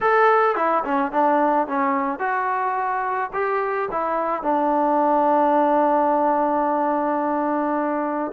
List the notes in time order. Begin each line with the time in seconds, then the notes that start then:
0.00 A4
0.55 E4
0.84 C#4
1.12 D4
1.67 C#4
2.19 F#4
3.33 G4
3.91 E4
4.43 D4